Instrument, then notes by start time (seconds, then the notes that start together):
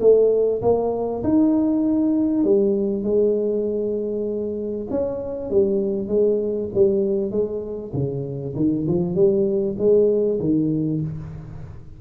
tuba
0.00 A3
0.62 A#3
1.23 D#4
2.44 G3
3.03 G#3
4.90 C#4
5.50 G3
6.08 G#3
6.74 G3
7.31 G#3
7.93 C#3
8.55 D#3
8.88 F3
9.15 G3
9.78 G#3
10.39 D#3